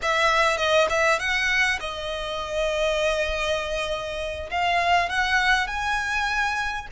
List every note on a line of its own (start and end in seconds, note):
0.01 0.57 E5
0.57 0.87 D#5
0.89 1.19 E5
1.19 1.79 F#5
1.79 4.49 D#5
4.50 5.09 F5
5.09 5.67 F#5
5.67 6.87 G#5